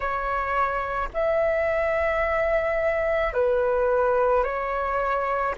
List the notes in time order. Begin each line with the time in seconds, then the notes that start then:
0.00 C#5
1.13 E5
3.33 B4
4.43 C#5